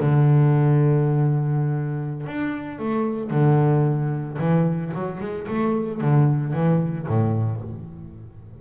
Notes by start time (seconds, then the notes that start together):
0.00 D3
2.26 D4
2.79 A3
3.30 D3
4.38 E3
4.94 F#3
5.20 G#3
5.48 A3
6.01 D3
6.53 E3
7.07 A2